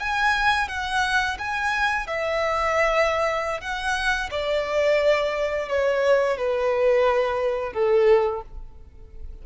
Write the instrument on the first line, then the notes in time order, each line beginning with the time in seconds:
violin
0.00 G#5
0.69 F#5
1.39 G#5
2.08 E5
3.61 F#5
4.31 D5
5.69 C#5
6.38 B4
7.74 A4